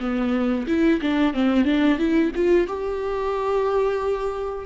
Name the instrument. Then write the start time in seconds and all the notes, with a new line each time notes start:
viola
0.00 B3
0.67 E4
1.02 D4
1.34 C4
1.65 D4
1.98 E4
2.35 F4
2.68 G4